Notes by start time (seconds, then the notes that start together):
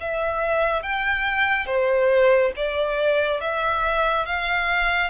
0.00 E5
0.82 G5
1.66 C5
2.56 D5
3.41 E5
4.25 F5